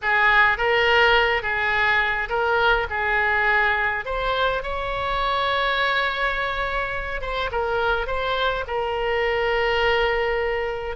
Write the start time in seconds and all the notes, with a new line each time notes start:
0.02 G#4
0.57 A#4
1.42 G#4
2.29 A#4
2.90 G#4
4.05 C5
4.62 C#5
7.21 C5
7.51 A#4
8.06 C5
8.67 A#4